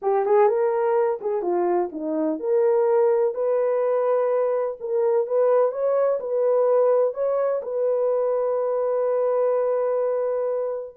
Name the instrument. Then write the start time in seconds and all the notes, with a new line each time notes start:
horn
0.02 G4
0.25 G#4
0.48 A#4
1.21 G#4
1.42 F4
1.92 D#4
2.39 A#4
3.34 B4
4.80 A#4
5.26 B4
5.71 C#5
6.20 B4
7.14 C#5
7.62 B4